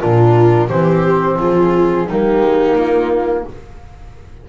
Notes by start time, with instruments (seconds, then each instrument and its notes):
0.00 double bass A#2, trombone D4, viola F4, flute A#4
0.68 double bass E3, trombone C4, viola G4, flute C5
1.39 double bass F3, viola F4, flute G#4
2.07 double bass G3, trombone A#3, viola D#4, flute G4
2.40 double bass G#3
2.76 double bass A#3, flute F4